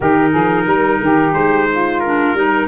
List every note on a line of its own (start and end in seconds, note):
0.00 0.34 D#3
0.00 2.03 D#4
0.00 0.30 G4
0.00 1.33 A#4
0.30 0.66 F3
0.30 0.64 G#4
0.66 1.00 G3
0.66 1.00 A#4
1.01 1.33 D#3
1.01 1.68 G4
1.33 2.33 G#3
1.33 1.99 C5
1.71 2.38 F4
1.99 2.35 D4
1.99 2.67 A#4
2.33 2.67 G3
2.33 2.68 D#4
2.33 2.68 A#4